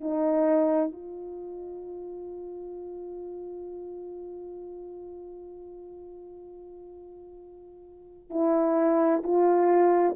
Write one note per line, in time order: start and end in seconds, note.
0.00 0.92 D#4
0.92 8.30 F4
8.30 9.22 E4
9.23 10.15 F4